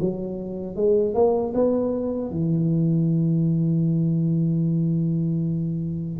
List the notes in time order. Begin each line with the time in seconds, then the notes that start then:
0.00 F#3
0.75 G#3
1.14 A#3
1.54 B3
2.30 E3